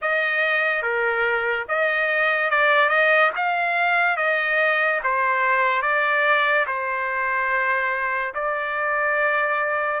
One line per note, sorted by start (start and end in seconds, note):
0.01 0.82 D#5
0.82 1.66 A#4
1.68 2.50 D#5
2.50 2.89 D5
2.89 3.31 D#5
3.36 4.16 F5
4.16 5.00 D#5
5.03 5.82 C5
5.82 6.65 D5
6.67 8.33 C5
8.34 10.00 D5